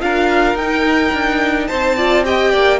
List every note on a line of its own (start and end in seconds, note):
0.00 0.54 D4
0.00 0.56 F4
0.00 1.68 A#4
0.00 0.57 F5
0.54 1.10 D#4
0.54 1.67 G5
0.60 1.98 D#4
1.13 1.69 D4
1.67 2.54 C4
1.67 1.96 C5
1.67 2.23 A5
1.96 2.24 F4
1.96 2.24 D5
2.24 2.80 G4
2.24 2.51 D#5
2.24 2.80 G5
2.51 2.80 A#3
2.51 2.79 D5